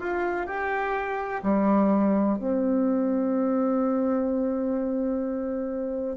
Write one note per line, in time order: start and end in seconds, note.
0.00 0.47 F4
0.47 1.42 G4
1.43 2.39 G3
2.39 6.17 C4